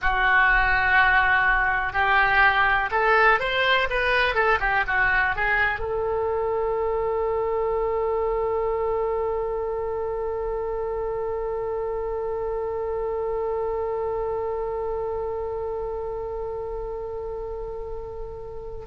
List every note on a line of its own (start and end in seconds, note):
0.01 1.93 F#4
1.93 2.89 G4
2.91 3.39 A4
3.39 3.88 C5
3.90 4.34 B4
4.34 4.58 A4
4.60 4.84 G4
4.87 5.35 F#4
5.35 5.79 G#4
5.79 18.85 A4